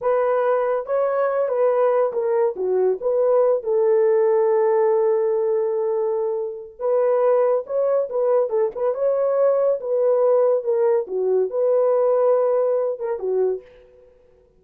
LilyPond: \new Staff \with { instrumentName = "horn" } { \time 4/4 \tempo 4 = 141 b'2 cis''4. b'8~ | b'4 ais'4 fis'4 b'4~ | b'8 a'2.~ a'8~ | a'1 |
b'2 cis''4 b'4 | a'8 b'8 cis''2 b'4~ | b'4 ais'4 fis'4 b'4~ | b'2~ b'8 ais'8 fis'4 | }